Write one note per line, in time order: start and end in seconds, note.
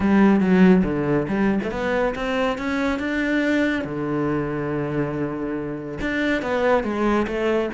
0.00 0.40 G3
0.40 0.83 F#3
0.84 1.27 D3
1.28 1.60 G3
1.63 1.71 A3
1.71 2.14 B3
2.15 2.58 C4
2.58 2.99 C#4
2.99 3.84 D4
3.84 5.98 D3
6.00 6.41 D4
6.41 6.83 B3
6.83 7.26 G#3
7.27 7.70 A3